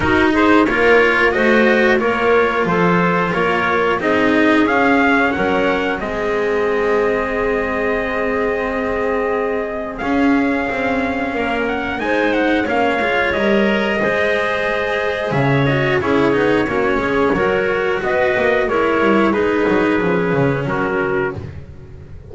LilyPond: <<
  \new Staff \with { instrumentName = "trumpet" } { \time 4/4 \tempo 4 = 90 ais'8 c''8 cis''4 dis''4 cis''4 | c''4 cis''4 dis''4 f''4 | fis''4 dis''2.~ | dis''2. f''4~ |
f''4. fis''8 gis''8 fis''8 f''4 | dis''2. e''8 dis''8 | cis''2. dis''4 | cis''4 b'2 ais'4 | }
  \new Staff \with { instrumentName = "clarinet" } { \time 4/4 fis'8 gis'8 ais'4 c''4 ais'4 | a'4 ais'4 gis'2 | ais'4 gis'2.~ | gis'1~ |
gis'4 ais'4 c''4 cis''4~ | cis''4 c''2 cis''4 | gis'4 fis'8 gis'8 ais'4 b'4 | ais'4 gis'2 fis'4 | }
  \new Staff \with { instrumentName = "cello" } { \time 4/4 dis'4 f'4 fis'4 f'4~ | f'2 dis'4 cis'4~ | cis'4 c'2.~ | c'2. cis'4~ |
cis'2 dis'4 cis'8 f'8 | ais'4 gis'2~ gis'8 fis'8 | e'8 dis'8 cis'4 fis'2 | e'4 dis'4 cis'2 | }
  \new Staff \with { instrumentName = "double bass" } { \time 4/4 dis'4 ais4 a4 ais4 | f4 ais4 c'4 cis'4 | fis4 gis2.~ | gis2. cis'4 |
c'4 ais4 gis4 ais8 gis8 | g4 gis2 cis4 | cis'8 b8 ais8 gis8 fis4 b8 ais8 | gis8 g8 gis8 fis8 f8 cis8 fis4 | }
>>